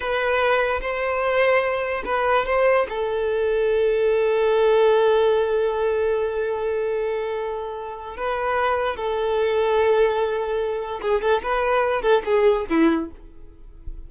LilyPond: \new Staff \with { instrumentName = "violin" } { \time 4/4 \tempo 4 = 147 b'2 c''2~ | c''4 b'4 c''4 a'4~ | a'1~ | a'1~ |
a'1 | b'2 a'2~ | a'2. gis'8 a'8 | b'4. a'8 gis'4 e'4 | }